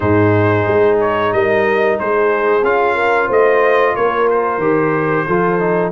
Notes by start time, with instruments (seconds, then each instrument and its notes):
0.00 tuba G#2, trombone D#4, horn G#4, trumpet C5
0.67 tuba G#3
1.00 trumpet C#5
1.32 tuba G3, horn A#4, trumpet D#5
1.99 tuba G#3, horn G#4, trumpet C5
2.62 tuba C#4, trombone F4, trumpet F5
2.94 horn A#4
3.27 tuba A3, horn C5, trumpet D#5
3.95 tuba A#3, horn A#4, trumpet C#5
4.30 trumpet C5
4.58 tuba D#3, trombone G4
5.26 tuba F3, trombone F4, horn A4
5.59 trombone D#4